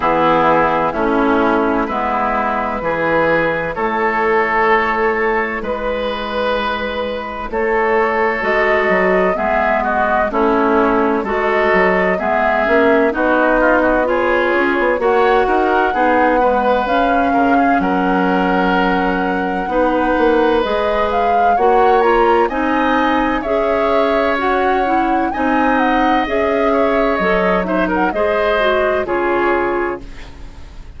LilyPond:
<<
  \new Staff \with { instrumentName = "flute" } { \time 4/4 \tempo 4 = 64 gis'4 e'4 b'2 | cis''2 b'2 | cis''4 dis''4 e''8 dis''8 cis''4 | dis''4 e''4 dis''4 cis''4 |
fis''2 f''4 fis''4~ | fis''2 dis''8 f''8 fis''8 ais''8 | gis''4 e''4 fis''4 gis''8 fis''8 | e''4 dis''8 e''16 fis''16 dis''4 cis''4 | }
  \new Staff \with { instrumentName = "oboe" } { \time 4/4 e'4 cis'4 e'4 gis'4 | a'2 b'2 | a'2 gis'8 fis'8 e'4 | a'4 gis'4 fis'8 f'16 fis'16 gis'4 |
cis''8 ais'8 gis'8 b'4 ais'16 gis'16 ais'4~ | ais'4 b'2 cis''4 | dis''4 cis''2 dis''4~ | dis''8 cis''4 c''16 ais'16 c''4 gis'4 | }
  \new Staff \with { instrumentName = "clarinet" } { \time 4/4 b4 cis'4 b4 e'4~ | e'1~ | e'4 fis'4 b4 cis'4 | fis'4 b8 cis'8 dis'4 f'4 |
fis'4 dis'8 gis8 cis'2~ | cis'4 dis'4 gis'4 fis'8 f'8 | dis'4 gis'4 fis'8 e'8 dis'4 | gis'4 a'8 dis'8 gis'8 fis'8 f'4 | }
  \new Staff \with { instrumentName = "bassoon" } { \time 4/4 e4 a4 gis4 e4 | a2 gis2 | a4 gis8 fis8 gis4 a4 | gis8 fis8 gis8 ais8 b4. cis'16 b16 |
ais8 dis'8 b4 cis'8 cis8 fis4~ | fis4 b8 ais8 gis4 ais4 | c'4 cis'2 c'4 | cis'4 fis4 gis4 cis4 | }
>>